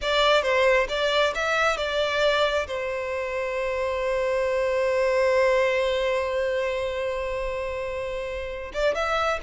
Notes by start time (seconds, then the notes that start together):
0.01 D5
0.42 C5
0.88 D5
1.35 E5
1.77 D5
2.67 C5
8.73 D5
8.95 E5